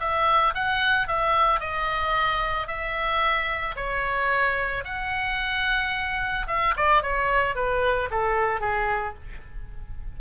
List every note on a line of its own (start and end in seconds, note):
0.00 0.54 E5
0.54 1.08 F#5
1.08 1.60 E5
1.60 2.67 D#5
2.67 3.75 E5
3.76 4.84 C#5
4.85 6.47 F#5
6.47 6.74 E5
6.76 7.02 D5
7.02 7.55 C#5
7.55 8.09 B4
8.11 8.60 A4
8.60 9.14 G#4